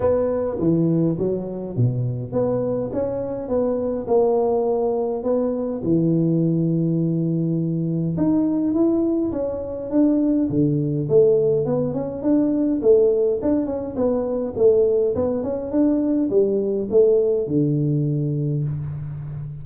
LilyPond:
\new Staff \with { instrumentName = "tuba" } { \time 4/4 \tempo 4 = 103 b4 e4 fis4 b,4 | b4 cis'4 b4 ais4~ | ais4 b4 e2~ | e2 dis'4 e'4 |
cis'4 d'4 d4 a4 | b8 cis'8 d'4 a4 d'8 cis'8 | b4 a4 b8 cis'8 d'4 | g4 a4 d2 | }